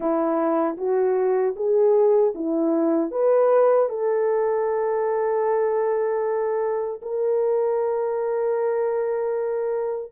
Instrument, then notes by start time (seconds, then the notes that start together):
horn
0.00 E4
0.77 F#4
1.55 G#4
2.34 E4
3.11 B4
3.89 A4
7.02 A#4